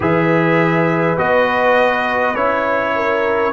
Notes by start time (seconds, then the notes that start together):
0.00 E3 G#4 B4 E5
1.17 B3 F#4 D#5
2.35 C#4 E4 C#5
2.95 A#4